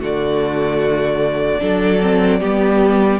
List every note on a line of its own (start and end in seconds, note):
0.00 1.61 D3
0.00 1.59 A3
0.00 1.60 F#4
0.00 3.20 D5
1.59 2.41 F#3
1.59 1.99 D4
1.59 2.40 A4
2.02 2.40 C4
2.40 3.20 G3
2.40 3.20 B3
2.40 3.20 G4